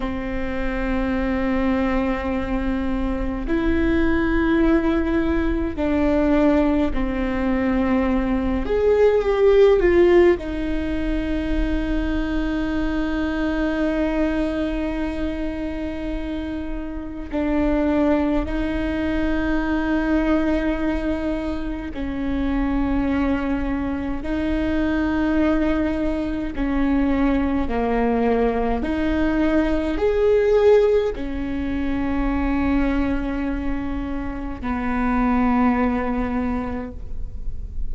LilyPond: \new Staff \with { instrumentName = "viola" } { \time 4/4 \tempo 4 = 52 c'2. e'4~ | e'4 d'4 c'4. gis'8 | g'8 f'8 dis'2.~ | dis'2. d'4 |
dis'2. cis'4~ | cis'4 dis'2 cis'4 | ais4 dis'4 gis'4 cis'4~ | cis'2 b2 | }